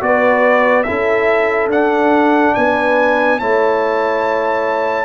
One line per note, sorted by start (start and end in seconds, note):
0.00 0.86 B3
0.00 0.85 F#4
0.00 0.87 B4
0.00 0.83 D5
0.83 1.67 C#4
0.83 1.71 E4
0.83 2.56 A4
0.83 1.67 E5
1.67 2.52 D4
1.67 3.39 D4
1.67 2.54 F#5
2.54 3.41 B3
2.54 3.39 B4
2.54 3.39 G#5
3.39 5.05 A3
3.39 5.05 E4
3.39 5.05 C#5
3.39 5.05 A5